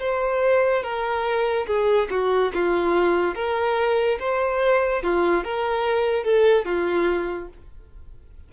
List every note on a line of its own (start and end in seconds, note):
0.00 0.83 C5
0.83 1.67 A#4
1.67 2.09 G#4
2.11 2.52 F#4
2.55 3.35 F4
3.35 4.19 A#4
4.20 5.03 C5
5.03 5.45 F4
5.45 6.25 A#4
6.25 6.66 A4
6.66 7.49 F4